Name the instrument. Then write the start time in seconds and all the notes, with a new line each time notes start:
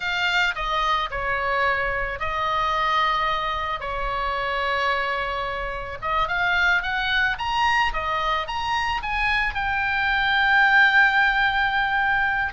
oboe
0.00 F5
0.55 D#5
1.11 C#5
2.19 D#5
3.80 C#5
6.01 D#5
6.28 F5
6.82 F#5
7.38 A#5
7.93 D#5
8.47 A#5
9.02 G#5
9.54 G5